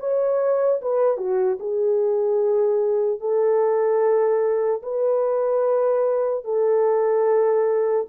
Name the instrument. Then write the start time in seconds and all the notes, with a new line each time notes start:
horn
0.00 C#5
0.82 B4
1.18 F#4
1.60 G#4
3.20 A4
4.83 B4
6.45 A4